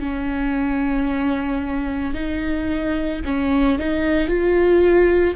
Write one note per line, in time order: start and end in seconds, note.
0.00 2.14 C#4
2.14 3.21 D#4
3.25 3.78 C#4
3.78 4.28 D#4
4.28 5.35 F4